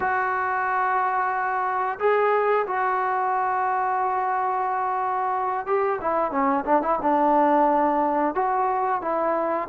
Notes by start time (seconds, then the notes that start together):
0.00 F#4
1.99 G#4
2.66 F#4
5.66 G4
6.01 E4
6.31 C#4
6.65 D4
6.82 E4
7.02 D4
8.35 F#4
9.01 E4